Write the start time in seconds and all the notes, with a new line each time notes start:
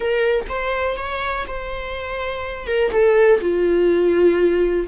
0.00 A#4
0.49 C5
0.96 C#5
1.47 C5
2.67 A#4
2.91 A4
3.40 F4